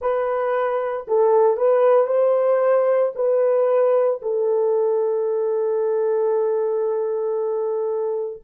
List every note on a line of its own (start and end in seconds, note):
0.00 1.06 B4
1.07 1.56 A4
1.56 2.07 B4
2.07 3.12 C5
3.15 4.20 B4
4.22 8.43 A4